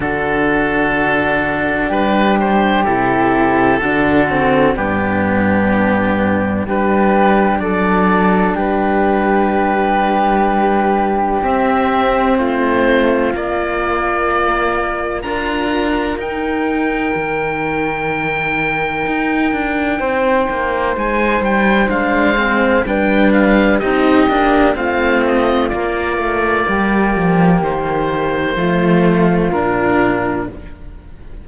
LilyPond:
<<
  \new Staff \with { instrumentName = "oboe" } { \time 4/4 \tempo 4 = 63 a'2 b'8 c''8 a'4~ | a'4 g'2 b'4 | d''4 b'2. | e''4 c''4 d''2 |
ais''4 g''2.~ | g''2 gis''8 g''8 f''4 | g''8 f''8 dis''4 f''8 dis''8 d''4~ | d''4 c''2 ais'4 | }
  \new Staff \with { instrumentName = "flute" } { \time 4/4 fis'2 g'2 | fis'4 d'2 g'4 | a'4 g'2.~ | g'4 f'2. |
ais'1~ | ais'4 c''2. | b'4 g'4 f'2 | g'2 f'2 | }
  \new Staff \with { instrumentName = "cello" } { \time 4/4 d'2. e'4 | d'8 c'8 b2 d'4~ | d'1 | c'2 ais2 |
f'4 dis'2.~ | dis'2. d'8 c'8 | d'4 dis'8 d'8 c'4 ais4~ | ais2 a4 d'4 | }
  \new Staff \with { instrumentName = "cello" } { \time 4/4 d2 g4 c4 | d4 g,2 g4 | fis4 g2. | c'4 a4 ais2 |
d'4 dis'4 dis2 | dis'8 d'8 c'8 ais8 gis8 g8 gis4 | g4 c'8 ais8 a4 ais8 a8 | g8 f8 dis4 f4 ais,4 | }
>>